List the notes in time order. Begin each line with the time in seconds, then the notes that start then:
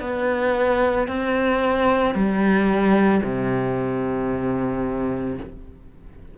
0.00 B3
1.08 C4
2.14 G3
3.23 C3